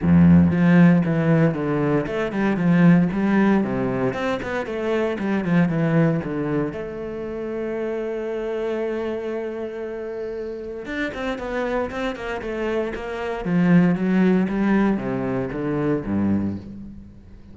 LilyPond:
\new Staff \with { instrumentName = "cello" } { \time 4/4 \tempo 4 = 116 f,4 f4 e4 d4 | a8 g8 f4 g4 c4 | c'8 b8 a4 g8 f8 e4 | d4 a2.~ |
a1~ | a4 d'8 c'8 b4 c'8 ais8 | a4 ais4 f4 fis4 | g4 c4 d4 g,4 | }